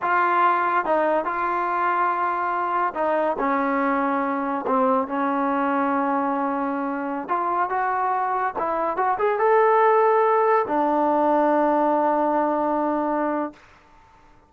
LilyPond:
\new Staff \with { instrumentName = "trombone" } { \time 4/4 \tempo 4 = 142 f'2 dis'4 f'4~ | f'2. dis'4 | cis'2. c'4 | cis'1~ |
cis'4~ cis'16 f'4 fis'4.~ fis'16~ | fis'16 e'4 fis'8 gis'8 a'4.~ a'16~ | a'4~ a'16 d'2~ d'8.~ | d'1 | }